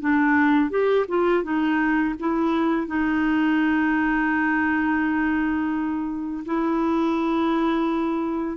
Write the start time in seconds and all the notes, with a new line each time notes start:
0.00 D4
0.70 G4
1.08 F4
1.43 D#4
2.19 E4
2.87 D#4
6.45 E4